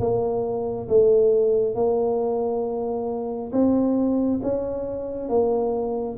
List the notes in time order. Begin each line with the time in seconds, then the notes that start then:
0.00 A#3
0.88 A3
1.75 A#3
3.52 C4
4.43 C#4
5.29 A#3